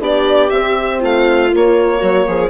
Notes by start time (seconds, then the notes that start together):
0.00 B3 D4 G4 D5
0.50 C4 E5
1.00 A3 F4 F5
1.51 A#3 C#5
1.99 F#3 F#4
2.27 F3 G#4